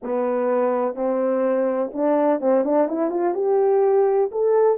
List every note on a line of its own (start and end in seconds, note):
0.02 0.95 B3
0.95 1.91 C4
1.93 2.40 D4
2.40 2.64 C4
2.64 2.88 D4
2.88 3.10 E4
3.10 3.34 F4
3.34 4.30 G4
4.31 4.78 A4